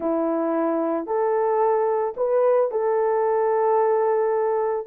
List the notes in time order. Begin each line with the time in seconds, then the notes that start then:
0.00 E4
1.06 A4
2.16 B4
2.71 A4